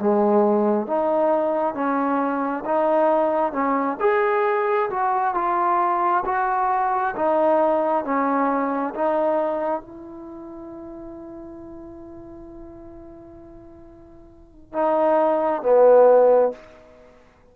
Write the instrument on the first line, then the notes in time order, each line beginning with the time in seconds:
trombone
0.00 G#3
0.87 D#4
1.74 C#4
2.65 D#4
3.53 C#4
4.00 G#4
4.90 F#4
5.34 F4
6.25 F#4
7.16 D#4
8.04 C#4
8.95 D#4
9.81 E4
14.72 D#4
15.62 B3